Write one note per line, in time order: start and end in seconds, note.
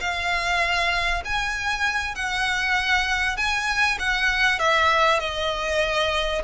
0.00 1.22 F5
1.24 2.15 G#5
2.15 3.36 F#5
3.36 3.98 G#5
3.99 4.59 F#5
4.59 5.19 E5
5.19 6.42 D#5